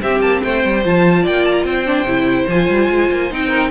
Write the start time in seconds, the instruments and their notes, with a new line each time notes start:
0.00 viola C4, cello C4, violin G4 E5
0.20 cello A#3, violin A5
0.43 cello A3, violin C5 G5
0.65 cello G3
0.85 cello F3, viola F4, violin A5
1.23 cello A#3, violin D5 G5
1.45 violin A5
1.53 violin A#5
1.65 cello C4, violin C5 G5
1.86 viola D4
2.04 cello C3, viola E4
2.48 cello F3, viola F4, violin G#5
2.69 cello G3
2.90 cello G#3
3.11 cello A#3
3.31 cello C4, viola D#4, violin G5
3.48 violin A#4